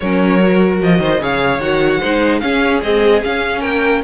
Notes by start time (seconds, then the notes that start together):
0.00 F#3 C#4 A#4 C#5
0.40 F#4
0.82 F3 D#5
0.99 D#3 C5
1.20 C#3 G#4 C#5 F5
1.59 D#3 F#4 F#5
2.00 G#3 D#4 C5
2.39 C#4 G#4 F5
2.81 G#3 C4 D#5
3.23 C#4 F5
3.60 A#3 A#4 G5